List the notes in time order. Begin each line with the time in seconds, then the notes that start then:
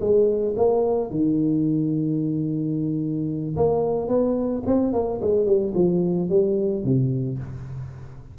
0.00 G#3
0.56 A#3
1.10 D#3
3.56 A#3
4.08 B3
4.66 C4
4.93 A#3
5.21 G#3
5.46 G3
5.74 F3
6.29 G3
6.84 C3